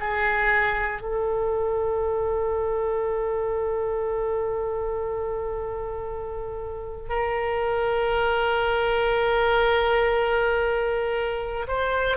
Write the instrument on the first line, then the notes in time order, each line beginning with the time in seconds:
oboe
0.00 G#4
1.01 A4
7.09 A#4
11.68 C5